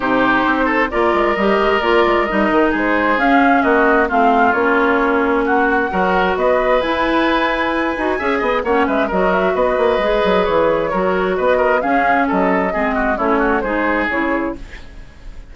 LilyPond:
<<
  \new Staff \with { instrumentName = "flute" } { \time 4/4 \tempo 4 = 132 c''2 d''4 dis''4 | d''4 dis''4 c''4 f''4 | dis''4 f''4 cis''2 | fis''2 dis''4 gis''4~ |
gis''2. fis''8 e''8 | dis''8 e''8 dis''2 cis''4~ | cis''4 dis''4 f''4 dis''4~ | dis''4 cis''4 c''4 cis''4 | }
  \new Staff \with { instrumentName = "oboe" } { \time 4/4 g'4. a'8 ais'2~ | ais'2 gis'2 | fis'4 f'2. | fis'4 ais'4 b'2~ |
b'2 e''8 dis''8 cis''8 b'8 | ais'4 b'2. | ais'4 b'8 ais'8 gis'4 a'4 | gis'8 fis'8 e'8 fis'8 gis'2 | }
  \new Staff \with { instrumentName = "clarinet" } { \time 4/4 dis'2 f'4 g'4 | f'4 dis'2 cis'4~ | cis'4 c'4 cis'2~ | cis'4 fis'2 e'4~ |
e'4. fis'8 gis'4 cis'4 | fis'2 gis'2 | fis'2 cis'2 | c'4 cis'4 dis'4 e'4 | }
  \new Staff \with { instrumentName = "bassoon" } { \time 4/4 c4 c'4 ais8 gis8 g8 gis8 | ais8 gis8 g8 dis8 gis4 cis'4 | ais4 a4 ais2~ | ais4 fis4 b4 e'4~ |
e'4. dis'8 cis'8 b8 ais8 gis8 | fis4 b8 ais8 gis8 fis8 e4 | fis4 b4 cis'4 fis4 | gis4 a4 gis4 cis4 | }
>>